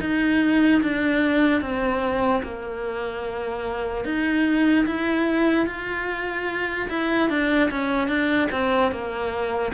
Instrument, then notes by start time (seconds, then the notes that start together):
cello
0.00 D#4
0.82 D4
1.61 C4
2.43 A#3
4.04 D#4
4.86 E4
5.66 F4
6.89 E4
7.29 D4
7.70 C#4
8.08 D4
8.51 C4
8.91 A#3